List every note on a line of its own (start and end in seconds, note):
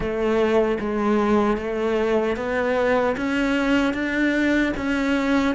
0.00 0.78 A3
0.79 1.57 G#3
1.57 2.36 A3
2.36 3.15 B3
3.16 3.93 C#4
3.93 4.72 D4
4.76 5.55 C#4